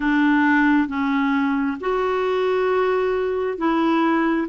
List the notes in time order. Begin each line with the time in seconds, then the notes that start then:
0.00 D4
0.88 C#4
1.80 F#4
3.58 E4